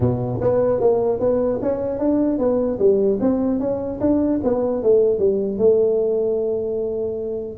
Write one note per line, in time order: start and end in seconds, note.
0.00 0.40 B2
0.40 0.80 B3
0.80 1.19 A#3
1.19 1.59 B3
1.62 1.98 C#4
1.98 2.38 D4
2.38 2.78 B3
2.78 3.18 G3
3.20 3.59 C4
3.59 3.99 C#4
4.00 4.40 D4
4.43 4.82 B3
4.82 5.19 A3
5.19 5.57 G3
5.57 7.57 A3